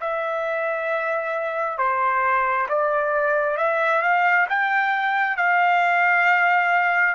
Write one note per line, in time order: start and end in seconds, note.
0.00 1.77 E5
1.77 2.67 C5
2.68 3.57 D5
3.57 4.02 E5
4.02 4.47 F5
4.49 5.36 G5
5.36 7.14 F5